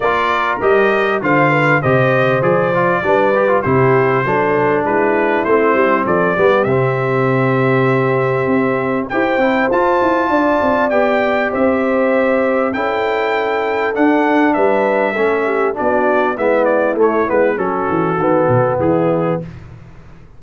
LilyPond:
<<
  \new Staff \with { instrumentName = "trumpet" } { \time 4/4 \tempo 4 = 99 d''4 dis''4 f''4 dis''4 | d''2 c''2 | b'4 c''4 d''4 e''4~ | e''2. g''4 |
a''2 g''4 e''4~ | e''4 g''2 fis''4 | e''2 d''4 e''8 d''8 | cis''8 b'8 a'2 gis'4 | }
  \new Staff \with { instrumentName = "horn" } { \time 4/4 ais'2 c''8 b'8 c''4~ | c''4 b'4 g'4 a'4 | e'2 a'8 g'4.~ | g'2. c''4~ |
c''4 d''2 c''4~ | c''4 a'2. | b'4 a'8 g'8 fis'4 e'4~ | e'4 fis'2 e'4 | }
  \new Staff \with { instrumentName = "trombone" } { \time 4/4 f'4 g'4 f'4 g'4 | gis'8 f'8 d'8 g'16 f'16 e'4 d'4~ | d'4 c'4. b8 c'4~ | c'2. g'8 e'8 |
f'2 g'2~ | g'4 e'2 d'4~ | d'4 cis'4 d'4 b4 | a8 b8 cis'4 b2 | }
  \new Staff \with { instrumentName = "tuba" } { \time 4/4 ais4 g4 d4 c4 | f4 g4 c4 fis4 | gis4 a8 g8 f8 g8 c4~ | c2 c'4 e'8 c'8 |
f'8 e'8 d'8 c'8 b4 c'4~ | c'4 cis'2 d'4 | g4 a4 b4 gis4 | a8 gis8 fis8 e8 dis8 b,8 e4 | }
>>